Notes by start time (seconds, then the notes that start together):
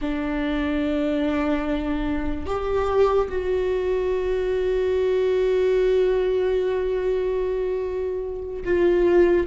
0.01 D4
2.46 G4
3.29 F#4
8.64 F4